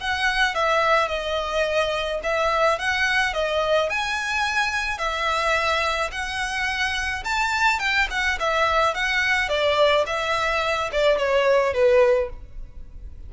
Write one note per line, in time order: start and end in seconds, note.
0.00 0.55 F#5
0.55 1.08 E5
1.08 2.20 D#5
2.23 2.79 E5
2.79 3.33 F#5
3.33 3.89 D#5
3.89 4.98 G#5
4.98 6.10 E5
6.11 7.24 F#5
7.24 7.79 A5
7.79 8.07 G5
8.10 8.38 F#5
8.40 8.94 E5
8.94 9.49 F#5
9.49 10.05 D5
10.06 10.90 E5
10.92 11.17 D5
11.17 11.73 C#5
11.73 12.29 B4